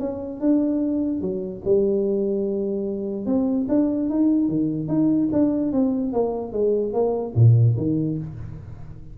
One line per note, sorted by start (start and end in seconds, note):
0.00 0.41 C#4
0.41 1.22 D4
1.22 1.63 F#3
1.65 3.27 G3
3.27 3.67 C4
3.69 4.10 D4
4.10 4.49 D#4
4.49 4.88 D#3
4.88 5.29 D#4
5.33 5.73 D4
5.73 6.13 C4
6.13 6.53 A#3
6.53 6.94 G#3
6.94 7.35 A#3
7.36 7.76 A#2
7.78 8.19 D#3